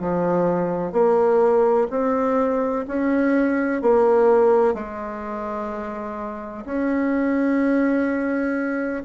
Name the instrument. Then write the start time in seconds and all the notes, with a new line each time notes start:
bassoon
0.00 F3
0.92 A#3
1.90 C4
2.87 C#4
3.82 A#3
4.74 G#3
6.65 C#4